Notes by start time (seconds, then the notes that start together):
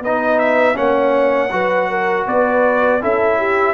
0.00 B3 D#4 B4 D#5
0.39 E5
0.75 A#3 C#4 C#5 F#5
1.51 F#3 F#4 B4
1.90 A#4
2.27 B3 B4 D5
3.02 C#4 E4 A4 E5
3.38 G4